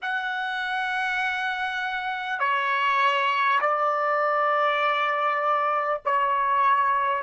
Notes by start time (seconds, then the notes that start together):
0.02 F#5
2.39 C#5
3.61 D5
6.05 C#5